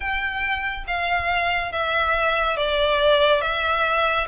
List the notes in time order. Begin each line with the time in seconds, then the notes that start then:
0.00 G5
0.86 F5
1.71 E5
2.56 D5
3.41 E5